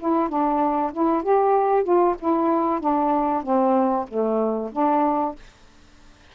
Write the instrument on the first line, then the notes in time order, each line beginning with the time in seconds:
saxophone
0.00 E4
0.29 D4
0.93 E4
1.23 G4
1.84 F4
2.20 E4
2.80 D4
3.43 C4
4.09 A3
4.73 D4